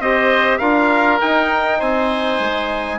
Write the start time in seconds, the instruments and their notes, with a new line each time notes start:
0.00 bassoon C4, trombone G4, oboe C5, trumpet D#5
0.58 bassoon D4, trombone F4, oboe A#4, trumpet F5
1.21 trombone D#4, bassoon D#4, trumpet G5
1.79 bassoon C4, oboe C5, trumpet G#5
2.40 bassoon G#3